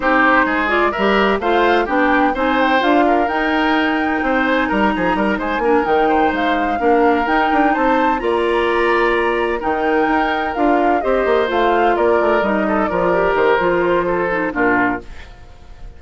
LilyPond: <<
  \new Staff \with { instrumentName = "flute" } { \time 4/4 \tempo 4 = 128 c''4. d''8 e''4 f''4 | g''4 gis''8 g''8 f''4 g''4~ | g''4. gis''8 ais''4. gis''8~ | gis''8 g''4 f''2 g''8~ |
g''8 a''4 ais''2~ ais''8~ | ais''8 g''2 f''4 dis''8~ | dis''8 f''4 d''4 dis''4 d''8~ | d''8 c''2~ c''8 ais'4 | }
  \new Staff \with { instrumentName = "oboe" } { \time 4/4 g'4 gis'4 ais'4 c''4 | g'4 c''4. ais'4.~ | ais'4 c''4 ais'8 gis'8 ais'8 c''8 | ais'4 c''4. ais'4.~ |
ais'8 c''4 d''2~ d''8~ | d''8 ais'2. c''8~ | c''4. ais'4. a'8 ais'8~ | ais'2 a'4 f'4 | }
  \new Staff \with { instrumentName = "clarinet" } { \time 4/4 dis'4. f'8 g'4 f'4 | d'4 dis'4 f'4 dis'4~ | dis'1 | d'8 dis'2 d'4 dis'8~ |
dis'4. f'2~ f'8~ | f'8 dis'2 f'4 g'8~ | g'8 f'2 dis'4 f'8 | g'4 f'4. dis'8 d'4 | }
  \new Staff \with { instrumentName = "bassoon" } { \time 4/4 c'4 gis4 g4 a4 | b4 c'4 d'4 dis'4~ | dis'4 c'4 g8 f8 g8 gis8 | ais8 dis4 gis4 ais4 dis'8 |
d'8 c'4 ais2~ ais8~ | ais8 dis4 dis'4 d'4 c'8 | ais8 a4 ais8 a8 g4 f8~ | f8 dis8 f2 ais,4 | }
>>